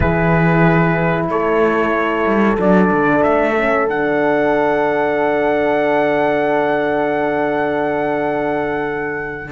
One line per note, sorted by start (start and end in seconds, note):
0.00 1.28 E3
0.00 2.58 E4
0.00 1.28 G#4
0.00 1.26 B4
1.28 2.25 A3
1.28 9.51 A4
1.28 2.59 C#5
2.26 2.58 G3
2.58 2.91 F#3
2.58 3.55 D4
2.58 3.23 D5
2.92 3.24 D3
3.23 3.89 A3
3.23 3.87 E5
3.56 3.87 C#4
3.87 9.51 D3
3.87 9.51 D4
3.87 9.51 F#5